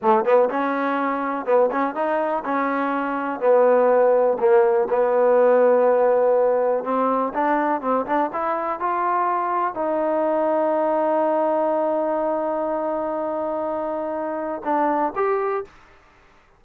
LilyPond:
\new Staff \with { instrumentName = "trombone" } { \time 4/4 \tempo 4 = 123 a8 b8 cis'2 b8 cis'8 | dis'4 cis'2 b4~ | b4 ais4 b2~ | b2 c'4 d'4 |
c'8 d'8 e'4 f'2 | dis'1~ | dis'1~ | dis'2 d'4 g'4 | }